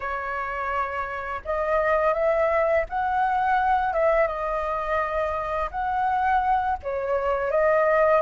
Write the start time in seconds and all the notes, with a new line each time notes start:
0.00 C#5
1.44 D#5
2.13 E5
2.89 F#5
3.93 E5
4.27 D#5
5.70 F#5
6.82 C#5
7.51 D#5